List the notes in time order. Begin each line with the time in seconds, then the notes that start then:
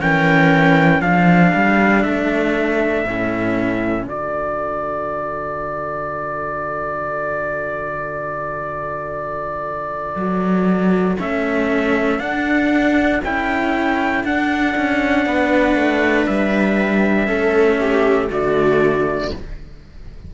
0.00 E3 C#4 A#4 G5
1.00 F3 D4 A4 F5
1.54 G3
2.03 A3 E5
3.05 A2 C#4
4.05 D3 F#4 D5
10.15 F#3
11.19 A3 C#4 E5
12.18 D4 F#5
13.23 C#4 E4 G5
14.23 D4 F#5
14.76 C#4
15.25 B3 B4
15.75 A3
16.26 G3 E5
17.26 A3 C#4 A4
17.80 G4
18.29 D3 A3 F#4 D5